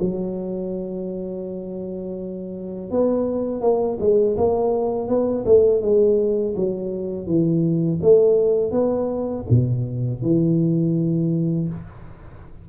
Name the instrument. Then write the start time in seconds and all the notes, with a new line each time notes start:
tuba
0.00 F#3
2.91 B3
3.61 A#3
4.00 G#3
4.37 A#3
5.09 B3
5.46 A3
5.82 G#3
6.56 F#3
7.27 E3
8.02 A3
8.72 B3
9.50 B2
10.23 E3